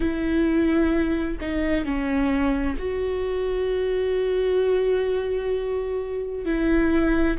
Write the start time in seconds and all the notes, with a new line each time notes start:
0.00 E4
1.41 D#4
1.84 C#4
2.78 F#4
6.44 E4